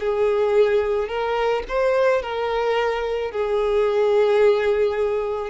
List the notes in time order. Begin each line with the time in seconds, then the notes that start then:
0.00 G#4
1.09 A#4
1.69 C5
2.23 A#4
3.32 G#4